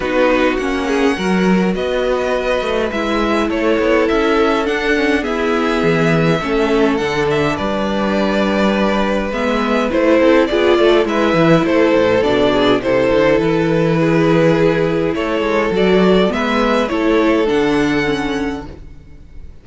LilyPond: <<
  \new Staff \with { instrumentName = "violin" } { \time 4/4 \tempo 4 = 103 b'4 fis''2 dis''4~ | dis''4 e''4 cis''4 e''4 | fis''4 e''2. | fis''8 e''8 d''2. |
e''4 c''4 d''4 e''4 | c''4 d''4 c''4 b'4~ | b'2 cis''4 d''4 | e''4 cis''4 fis''2 | }
  \new Staff \with { instrumentName = "violin" } { \time 4/4 fis'4. gis'8 ais'4 b'4~ | b'2 a'2~ | a'4 gis'2 a'4~ | a'4 b'2.~ |
b'4. a'8 gis'8 a'8 b'4 | a'4. gis'8 a'2 | gis'2 a'2 | b'4 a'2. | }
  \new Staff \with { instrumentName = "viola" } { \time 4/4 dis'4 cis'4 fis'2~ | fis'4 e'2. | d'8 cis'8 b2 cis'4 | d'1 |
b4 e'4 f'4 e'4~ | e'4 d'4 e'2~ | e'2. fis'4 | b4 e'4 d'4 cis'4 | }
  \new Staff \with { instrumentName = "cello" } { \time 4/4 b4 ais4 fis4 b4~ | b8 a8 gis4 a8 b8 cis'4 | d'4 e'4 e4 a4 | d4 g2. |
gis4 a8 c'8 b8 a8 gis8 e8 | a8 a,8 b,4 c8 d8 e4~ | e2 a8 gis8 fis4 | gis4 a4 d2 | }
>>